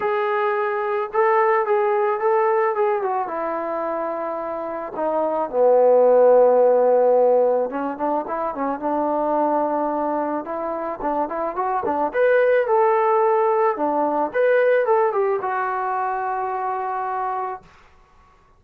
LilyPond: \new Staff \with { instrumentName = "trombone" } { \time 4/4 \tempo 4 = 109 gis'2 a'4 gis'4 | a'4 gis'8 fis'8 e'2~ | e'4 dis'4 b2~ | b2 cis'8 d'8 e'8 cis'8 |
d'2. e'4 | d'8 e'8 fis'8 d'8 b'4 a'4~ | a'4 d'4 b'4 a'8 g'8 | fis'1 | }